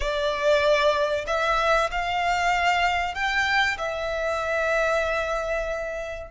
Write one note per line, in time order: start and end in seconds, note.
0.00 1.25 D5
1.26 1.89 E5
1.91 3.14 F5
3.14 3.77 G5
3.78 6.30 E5